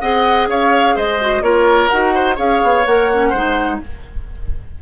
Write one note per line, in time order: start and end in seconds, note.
0.00 0.47 C4
0.00 1.20 G#4
0.00 0.48 D#5
0.00 0.47 F#5
0.47 0.94 C#4
0.47 0.95 C#5
0.47 0.97 F5
0.95 1.41 G#3
0.95 1.42 C5
0.95 1.42 D#5
1.20 1.42 F#4
1.41 1.88 A#3
1.41 1.90 F4
1.41 2.14 A#4
1.41 1.89 C#5
1.89 2.38 D#4
1.89 2.36 F#4
1.89 2.36 F#5
2.14 2.35 C5
2.35 2.61 C#4
2.35 2.83 G#4
2.35 3.29 C#5
2.35 2.85 F5
2.62 2.85 B3
2.85 3.32 A#3
2.85 3.11 A#4
2.85 3.80 F#5
3.13 3.34 C#4
3.29 3.80 G#3
3.29 3.81 D#4
3.29 3.76 C5